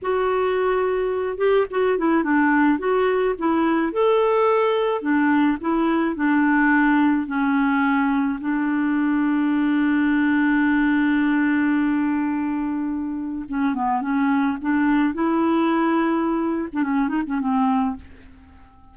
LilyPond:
\new Staff \with { instrumentName = "clarinet" } { \time 4/4 \tempo 4 = 107 fis'2~ fis'8 g'8 fis'8 e'8 | d'4 fis'4 e'4 a'4~ | a'4 d'4 e'4 d'4~ | d'4 cis'2 d'4~ |
d'1~ | d'1 | cis'8 b8 cis'4 d'4 e'4~ | e'4.~ e'16 d'16 cis'8 dis'16 cis'16 c'4 | }